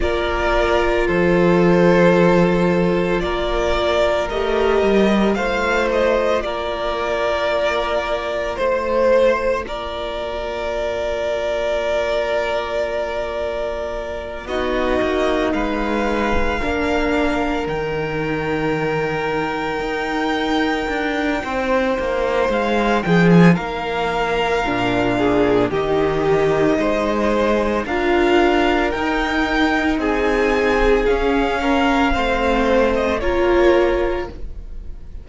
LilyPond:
<<
  \new Staff \with { instrumentName = "violin" } { \time 4/4 \tempo 4 = 56 d''4 c''2 d''4 | dis''4 f''8 dis''8 d''2 | c''4 d''2.~ | d''4. dis''4 f''4.~ |
f''8 g''2.~ g''8~ | g''4 f''8 g''16 gis''16 f''2 | dis''2 f''4 g''4 | gis''4 f''4.~ f''16 dis''16 cis''4 | }
  \new Staff \with { instrumentName = "violin" } { \time 4/4 ais'4 a'2 ais'4~ | ais'4 c''4 ais'2 | c''4 ais'2.~ | ais'4. fis'4 b'4 ais'8~ |
ais'1 | c''4. gis'8 ais'4. gis'8 | g'4 c''4 ais'2 | gis'4. ais'8 c''4 ais'4 | }
  \new Staff \with { instrumentName = "viola" } { \time 4/4 f'1 | g'4 f'2.~ | f'1~ | f'4. dis'2 d'8~ |
d'8 dis'2.~ dis'8~ | dis'2. d'4 | dis'2 f'4 dis'4~ | dis'4 cis'4 c'4 f'4 | }
  \new Staff \with { instrumentName = "cello" } { \time 4/4 ais4 f2 ais4 | a8 g8 a4 ais2 | a4 ais2.~ | ais4. b8 ais8 gis4 ais8~ |
ais8 dis2 dis'4 d'8 | c'8 ais8 gis8 f8 ais4 ais,4 | dis4 gis4 d'4 dis'4 | c'4 cis'4 a4 ais4 | }
>>